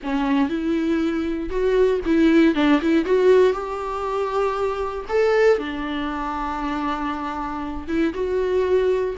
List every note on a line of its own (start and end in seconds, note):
0.03 0.49 C#4
0.49 1.49 E4
1.49 2.00 F#4
2.05 2.54 E4
2.54 2.80 D4
2.81 3.05 E4
3.05 3.52 F#4
3.52 5.05 G4
5.08 5.58 A4
5.58 7.87 D4
7.87 8.13 E4
8.14 9.15 F#4